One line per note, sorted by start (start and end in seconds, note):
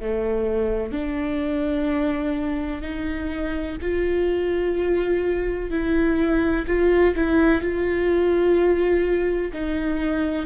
0.00 0.92 A3
0.92 2.82 D4
2.82 3.77 D#4
3.81 5.70 F4
5.70 6.65 E4
6.67 7.15 F4
7.16 7.61 E4
7.61 9.52 F4
9.53 10.46 D#4